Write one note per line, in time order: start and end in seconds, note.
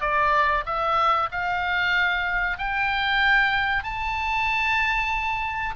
0.00 0.64 D5
0.65 1.29 E5
1.31 2.58 F5
2.58 3.83 G5
3.83 5.74 A5